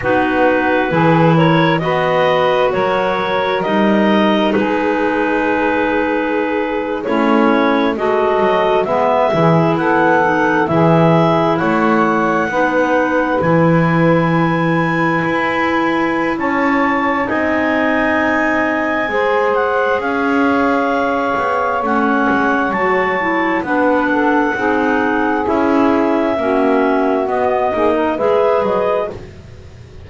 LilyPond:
<<
  \new Staff \with { instrumentName = "clarinet" } { \time 4/4 \tempo 4 = 66 b'4. cis''8 dis''4 cis''4 | dis''4 b'2~ b'8. cis''16~ | cis''8. dis''4 e''4 fis''4 e''16~ | e''8. fis''2 gis''4~ gis''16~ |
gis''2 a''4 gis''4~ | gis''4. fis''8 f''2 | fis''4 a''4 fis''2 | e''2 dis''4 e''8 dis''8 | }
  \new Staff \with { instrumentName = "saxophone" } { \time 4/4 fis'4 gis'8 ais'8 b'4 ais'4~ | ais'4 gis'2~ gis'8. e'16~ | e'8. a'4 b'8 gis'8 a'4 gis'16~ | gis'8. cis''4 b'2~ b'16~ |
b'2 cis''4 dis''4~ | dis''4 c''4 cis''2~ | cis''2 b'8 a'8 gis'4~ | gis'4 fis'4. gis'16 ais'16 b'4 | }
  \new Staff \with { instrumentName = "clarinet" } { \time 4/4 dis'4 e'4 fis'2 | dis'2.~ dis'8. cis'16~ | cis'8. fis'4 b8 e'4 dis'8 e'16~ | e'4.~ e'16 dis'4 e'4~ e'16~ |
e'2. dis'4~ | dis'4 gis'2. | cis'4 fis'8 e'8 d'4 dis'4 | e'4 cis'4 b8 dis'8 gis'4 | }
  \new Staff \with { instrumentName = "double bass" } { \time 4/4 b4 e4 b4 fis4 | g4 gis2~ gis8. a16~ | a8. gis8 fis8 gis8 e8 b4 e16~ | e8. a4 b4 e4~ e16~ |
e8. e'4~ e'16 cis'4 c'4~ | c'4 gis4 cis'4. b8 | a8 gis8 fis4 b4 c'4 | cis'4 ais4 b8 ais8 gis8 fis8 | }
>>